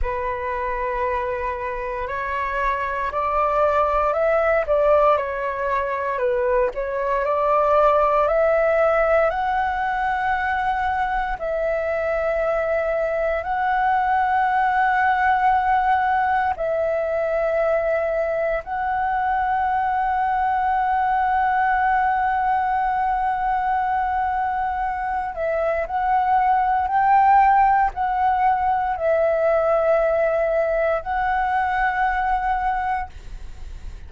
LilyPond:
\new Staff \with { instrumentName = "flute" } { \time 4/4 \tempo 4 = 58 b'2 cis''4 d''4 | e''8 d''8 cis''4 b'8 cis''8 d''4 | e''4 fis''2 e''4~ | e''4 fis''2. |
e''2 fis''2~ | fis''1~ | fis''8 e''8 fis''4 g''4 fis''4 | e''2 fis''2 | }